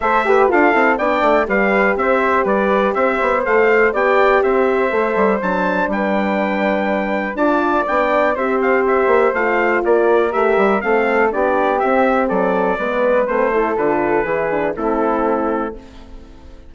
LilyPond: <<
  \new Staff \with { instrumentName = "trumpet" } { \time 4/4 \tempo 4 = 122 e''4 f''4 g''4 f''4 | e''4 d''4 e''4 f''4 | g''4 e''2 a''4 | g''2. a''4 |
g''4 e''8 f''8 e''4 f''4 | d''4 e''4 f''4 d''4 | e''4 d''2 c''4 | b'2 a'2 | }
  \new Staff \with { instrumentName = "flute" } { \time 4/4 c''8 b'8 a'4 d''4 b'4 | c''4 b'4 c''2 | d''4 c''2. | b'2. d''4~ |
d''4 c''2. | ais'2 a'4 g'4~ | g'4 a'4 b'4. a'8~ | a'4 gis'4 e'2 | }
  \new Staff \with { instrumentName = "horn" } { \time 4/4 a'8 g'8 f'8 e'8 d'4 g'4~ | g'2. a'4 | g'2 a'4 d'4~ | d'2. f'4 |
d'4 g'2 f'4~ | f'4 g'4 c'4 d'4 | c'2 b4 c'8 e'8 | f'4 e'8 d'8 c'2 | }
  \new Staff \with { instrumentName = "bassoon" } { \time 4/4 a4 d'8 c'8 b8 a8 g4 | c'4 g4 c'8 b8 a4 | b4 c'4 a8 g8 fis4 | g2. d'4 |
b4 c'4. ais8 a4 | ais4 a8 g8 a4 b4 | c'4 fis4 gis4 a4 | d4 e4 a2 | }
>>